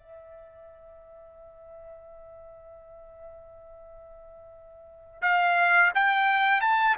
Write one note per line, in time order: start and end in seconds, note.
0.00 5.22 E5
5.22 5.92 F5
5.95 6.62 G5
6.62 6.97 A5